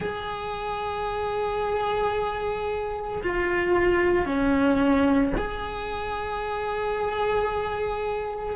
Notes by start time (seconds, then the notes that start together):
0.00 G#4
3.23 F4
4.25 C#4
5.37 G#4